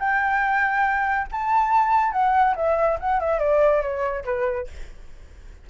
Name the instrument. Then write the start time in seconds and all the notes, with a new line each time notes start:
flute
0.00 G5
1.32 A5
2.13 F#5
2.56 E5
3.00 F#5
3.20 E5
3.39 D5
3.82 C#5
4.25 B4